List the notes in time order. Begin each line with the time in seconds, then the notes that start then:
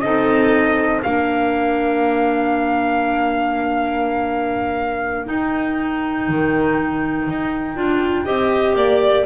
0.00 C4 D#4 A4 D#5
1.01 A#3 D4 A#4 F5
5.26 D#4 G5
6.28 D#3
7.28 D#4
7.75 D4 F4
8.25 C4 G4 D#5
8.74 A#3 D5